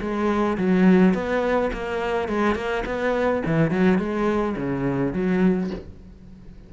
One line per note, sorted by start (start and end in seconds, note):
0.00 0.57 G#3
0.57 1.14 F#3
1.14 1.71 B3
1.73 2.28 A#3
2.28 2.55 G#3
2.55 2.83 A#3
2.85 3.42 B3
3.46 3.70 E3
3.70 3.98 F#3
3.98 4.55 G#3
4.56 5.13 C#3
5.13 5.70 F#3